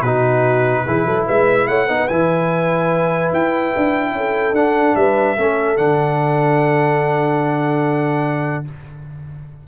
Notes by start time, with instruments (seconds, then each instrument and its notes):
0.00 tuba B2, trombone D#4, horn F#4, trumpet B4
0.85 tuba E3, trombone E4, horn G#4
1.05 tuba F#3, horn A4
1.26 tuba G#3, horn B4, trumpet E5
1.67 tuba A3, horn C#5, trumpet F#5
1.85 tuba B3, trombone D#4, horn B4
2.07 tuba E3, trombone E4, trumpet G#5
3.32 tuba E4, trumpet G5
3.76 tuba D4
4.12 tuba C#4, horn A4
4.52 tuba D4, trombone D4, trumpet F#5
4.95 tuba G3, horn B4, trumpet E5
5.37 tuba A3, trombone C#4, horn A4
5.77 tuba D3, trombone D4, trumpet F#5